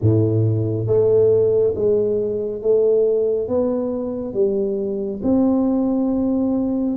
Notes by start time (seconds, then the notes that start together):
0.01 A2
0.86 A3
1.75 G#3
2.61 A3
3.47 B3
4.33 G3
5.22 C4